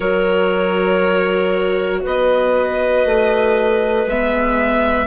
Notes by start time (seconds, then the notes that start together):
0.00 F#3 F#4 A#4 C#5
2.03 B3 B4 D#5
3.05 A3
4.06 G#3 B3 E5